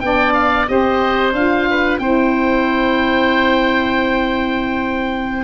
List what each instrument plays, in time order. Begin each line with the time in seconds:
0.00 tuba B3, saxophone D4, oboe D5 G5
0.33 oboe F5
0.66 tuba C4, saxophone G4, oboe C5 D#5
1.32 tuba D4, saxophone F4, oboe F5
1.70 oboe B4
1.98 tuba C4, saxophone E4, oboe C5 G5